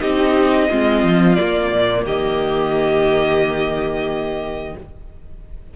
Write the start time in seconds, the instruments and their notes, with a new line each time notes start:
0.00 cello C4, viola D#4, violin G4 D#5
0.70 cello G#3, viola C4, violin F4
1.03 cello F3
1.35 viola A#3, cello A#3, violin D5
1.71 cello A#2
2.04 cello D#3, violin G4 D#5